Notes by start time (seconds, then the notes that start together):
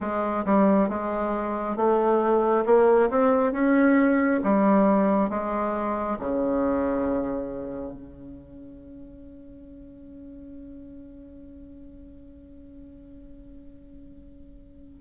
0.00 G#3
0.45 G3
0.88 G#3
1.76 A3
2.65 A#3
3.10 C4
3.52 C#4
4.43 G3
5.29 G#3
6.19 C#3
7.93 C#4